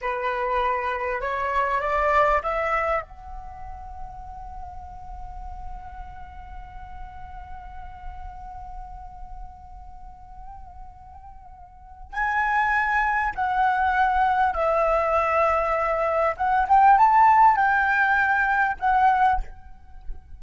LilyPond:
\new Staff \with { instrumentName = "flute" } { \time 4/4 \tempo 4 = 99 b'2 cis''4 d''4 | e''4 fis''2.~ | fis''1~ | fis''1~ |
fis''1 | gis''2 fis''2 | e''2. fis''8 g''8 | a''4 g''2 fis''4 | }